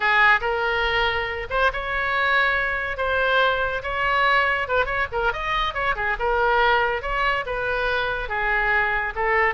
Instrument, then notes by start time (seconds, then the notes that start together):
oboe
0.00 G#4
0.40 A#4
1.50 C5
1.72 C#5
2.97 C5
3.82 C#5
4.68 B4
4.85 C#5
5.12 A#4
5.32 D#5
5.73 C#5
5.95 G#4
6.19 A#4
7.02 C#5
7.46 B4
8.28 G#4
9.15 A4